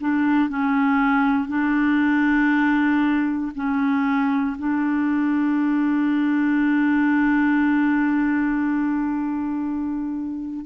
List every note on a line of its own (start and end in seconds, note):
0.00 0.49 D4
0.49 1.48 C#4
1.48 3.52 D4
3.55 4.57 C#4
4.58 10.65 D4